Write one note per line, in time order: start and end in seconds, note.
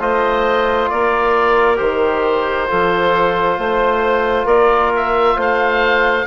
0.00 0.90 A3
0.00 1.76 F4
0.00 0.90 C5
0.00 0.90 D#5
0.90 1.80 A#3
0.90 2.69 A#4
0.90 1.77 D5
1.76 2.69 D#3
1.76 2.66 G4
1.76 4.46 C5
2.66 3.58 F3
2.66 6.24 F4
2.66 3.58 A4
3.58 4.45 A3
3.58 4.46 C5
4.45 5.35 A#3
4.45 5.35 A#4
4.45 4.91 D5
4.96 5.41 E5
5.36 6.26 A3
5.36 6.26 C5
5.36 6.27 F5